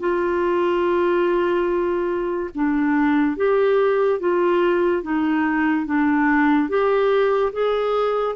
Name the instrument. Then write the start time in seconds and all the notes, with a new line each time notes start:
clarinet
0.00 F4
2.55 D4
3.37 G4
4.20 F4
5.03 D#4
5.86 D4
6.69 G4
7.53 G#4